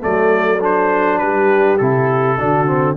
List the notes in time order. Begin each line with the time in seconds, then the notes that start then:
0.00 F#3 A3 A4 D5
0.60 D4 C5
1.18 G3 G4 B4
1.77 C3 E4 A4
2.37 D3 D4 F#4
2.66 C4